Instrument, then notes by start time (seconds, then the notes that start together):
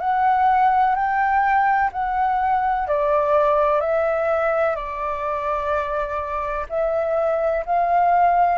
flute
0.00 F#5
0.95 G5
1.93 F#5
2.88 D5
3.81 E5
4.76 D5
6.70 E5
7.66 F5